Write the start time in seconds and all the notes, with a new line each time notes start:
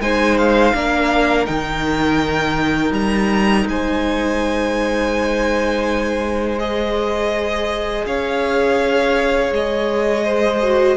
0.00 G#3 D#4 C5 G#5
0.38 F5
0.75 A#3 D4 A#4
1.46 D#3 D#4 G5
2.91 G3 A#5
3.66 G#3 C5 G#5
6.59 G#4 D#5
8.05 C#4 C#5 F5
9.52 G#3 D#5
10.25 C5
10.62 F#4